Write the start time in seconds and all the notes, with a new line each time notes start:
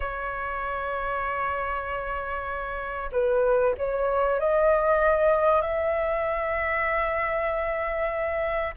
0.00 C#5
3.12 B4
3.77 C#5
4.39 D#5
5.61 E5